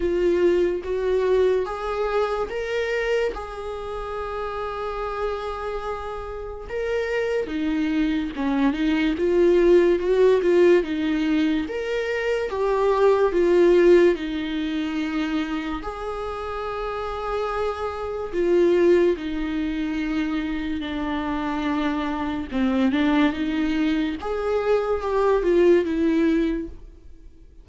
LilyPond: \new Staff \with { instrumentName = "viola" } { \time 4/4 \tempo 4 = 72 f'4 fis'4 gis'4 ais'4 | gis'1 | ais'4 dis'4 cis'8 dis'8 f'4 | fis'8 f'8 dis'4 ais'4 g'4 |
f'4 dis'2 gis'4~ | gis'2 f'4 dis'4~ | dis'4 d'2 c'8 d'8 | dis'4 gis'4 g'8 f'8 e'4 | }